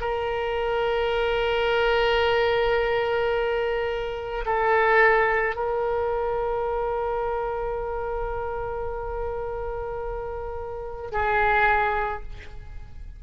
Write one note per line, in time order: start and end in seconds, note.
0.00 4.44 A#4
4.45 5.56 A4
5.56 11.11 A#4
11.11 12.22 G#4